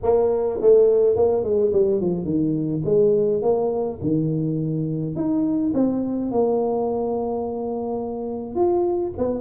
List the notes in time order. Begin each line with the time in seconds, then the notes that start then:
0.02 A#3
0.61 A3
1.16 A#3
1.43 G#3
1.72 G3
2.00 F3
2.24 D#3
2.84 G#3
3.42 A#3
4.01 D#3
5.15 D#4
5.74 C4
6.31 A#3
8.55 F4
9.17 B3